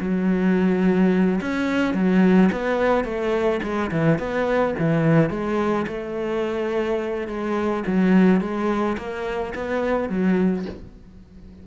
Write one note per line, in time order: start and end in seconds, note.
0.00 1.40 F#3
1.41 1.94 C#4
1.94 2.50 F#3
2.52 3.04 B3
3.04 3.60 A3
3.62 3.90 G#3
3.91 4.19 E3
4.19 4.75 B3
4.79 5.30 E3
5.30 5.86 G#3
5.87 7.27 A3
7.27 7.83 G#3
7.87 8.40 F#3
8.40 8.96 G#3
8.97 9.54 A#3
9.55 10.09 B3
10.09 10.65 F#3